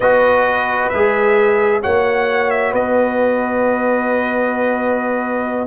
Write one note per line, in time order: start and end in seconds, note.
0.00 0.89 B3
0.00 0.92 F#4
0.00 1.81 B4
0.00 0.89 D#5
0.89 1.83 G#3
0.89 1.82 G#4
0.89 1.80 E5
1.81 2.73 A#3
1.81 5.67 F#4
1.81 2.71 C#5
1.81 2.50 F#5
2.50 2.73 E5
2.71 5.67 B3
2.71 5.66 B4
2.71 5.67 D#5